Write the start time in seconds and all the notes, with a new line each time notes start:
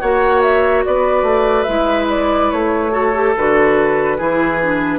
0.00 A#3 F#4 C#5 F#5
0.42 E5
0.85 B3 B4 D5
1.23 A3
1.63 G#3 E4 E5
2.10 D5
2.51 A3 C#5
2.91 F#4 A4
3.14 G4
3.37 D3 F#4 B4
4.18 E3 E4 G#4
4.62 D4